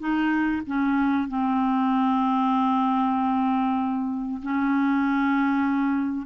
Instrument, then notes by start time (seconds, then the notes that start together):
clarinet
0.00 D#4
0.67 C#4
1.29 C4
4.43 C#4